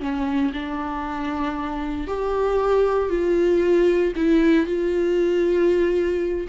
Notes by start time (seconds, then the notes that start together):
0.00 C#4
0.53 D4
2.08 G4
3.10 F4
4.16 E4
4.66 F4